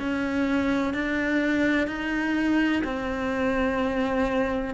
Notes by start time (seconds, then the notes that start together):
0.00 C#4
0.94 D4
1.87 D#4
2.84 C4